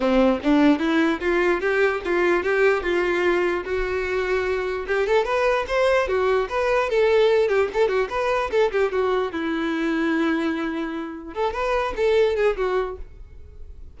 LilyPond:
\new Staff \with { instrumentName = "violin" } { \time 4/4 \tempo 4 = 148 c'4 d'4 e'4 f'4 | g'4 f'4 g'4 f'4~ | f'4 fis'2. | g'8 a'8 b'4 c''4 fis'4 |
b'4 a'4. g'8 a'8 fis'8 | b'4 a'8 g'8 fis'4 e'4~ | e'1 | a'8 b'4 a'4 gis'8 fis'4 | }